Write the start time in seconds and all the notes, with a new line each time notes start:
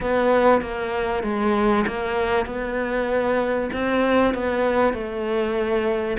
0.01 B3
0.61 A#3
1.23 G#3
1.87 A#3
2.46 B3
3.73 C4
4.34 B3
4.93 A3